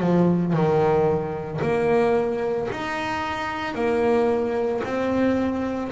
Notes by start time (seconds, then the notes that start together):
0.00 F3
0.53 D#3
1.61 A#3
2.71 D#4
3.74 A#3
4.84 C4